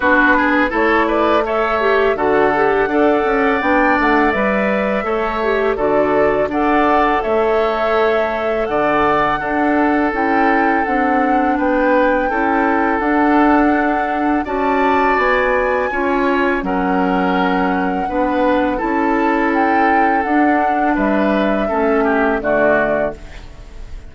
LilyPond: <<
  \new Staff \with { instrumentName = "flute" } { \time 4/4 \tempo 4 = 83 b'4 cis''8 d''8 e''4 fis''4~ | fis''4 g''8 fis''8 e''2 | d''4 fis''4 e''2 | fis''2 g''4 fis''4 |
g''2 fis''2 | a''4 gis''2 fis''4~ | fis''2 a''4 g''4 | fis''4 e''2 d''4 | }
  \new Staff \with { instrumentName = "oboe" } { \time 4/4 fis'8 gis'8 a'8 b'8 cis''4 a'4 | d''2. cis''4 | a'4 d''4 cis''2 | d''4 a'2. |
b'4 a'2. | d''2 cis''4 ais'4~ | ais'4 b'4 a'2~ | a'4 b'4 a'8 g'8 fis'4 | }
  \new Staff \with { instrumentName = "clarinet" } { \time 4/4 d'4 e'4 a'8 g'8 fis'8 g'8 | a'4 d'4 b'4 a'8 g'8 | fis'4 a'2.~ | a'4 d'4 e'4 d'4~ |
d'4 e'4 d'2 | fis'2 f'4 cis'4~ | cis'4 d'4 e'2 | d'2 cis'4 a4 | }
  \new Staff \with { instrumentName = "bassoon" } { \time 4/4 b4 a2 d4 | d'8 cis'8 b8 a8 g4 a4 | d4 d'4 a2 | d4 d'4 cis'4 c'4 |
b4 cis'4 d'2 | cis'4 b4 cis'4 fis4~ | fis4 b4 cis'2 | d'4 g4 a4 d4 | }
>>